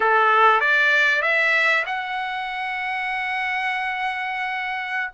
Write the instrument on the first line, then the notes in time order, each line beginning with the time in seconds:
trumpet
0.00 A4
0.60 D5
1.22 E5
1.86 F#5